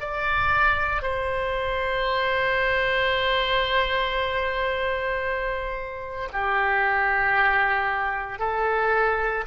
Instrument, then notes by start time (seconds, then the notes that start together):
oboe
0.00 D5
1.02 C5
6.33 G4
8.39 A4